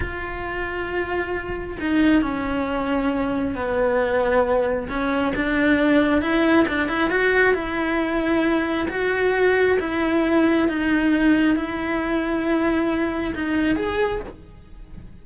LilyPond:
\new Staff \with { instrumentName = "cello" } { \time 4/4 \tempo 4 = 135 f'1 | dis'4 cis'2. | b2. cis'4 | d'2 e'4 d'8 e'8 |
fis'4 e'2. | fis'2 e'2 | dis'2 e'2~ | e'2 dis'4 gis'4 | }